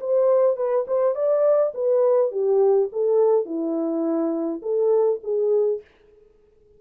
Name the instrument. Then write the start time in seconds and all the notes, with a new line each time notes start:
horn
0.00 C5
0.56 B4
0.87 C5
1.15 D5
1.74 B4
2.31 G4
2.92 A4
3.45 E4
4.62 A4
5.23 G#4